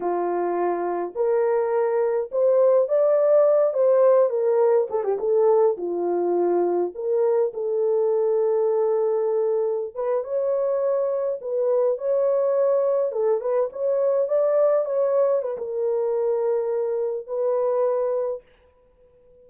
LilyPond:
\new Staff \with { instrumentName = "horn" } { \time 4/4 \tempo 4 = 104 f'2 ais'2 | c''4 d''4. c''4 ais'8~ | ais'8 a'16 g'16 a'4 f'2 | ais'4 a'2.~ |
a'4~ a'16 b'8 cis''2 b'16~ | b'8. cis''2 a'8 b'8 cis''16~ | cis''8. d''4 cis''4 b'16 ais'4~ | ais'2 b'2 | }